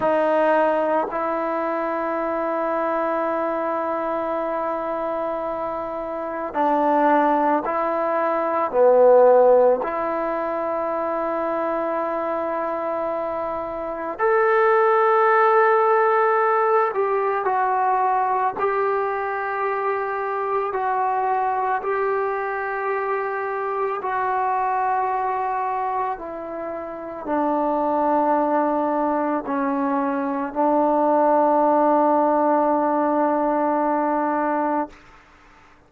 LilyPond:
\new Staff \with { instrumentName = "trombone" } { \time 4/4 \tempo 4 = 55 dis'4 e'2.~ | e'2 d'4 e'4 | b4 e'2.~ | e'4 a'2~ a'8 g'8 |
fis'4 g'2 fis'4 | g'2 fis'2 | e'4 d'2 cis'4 | d'1 | }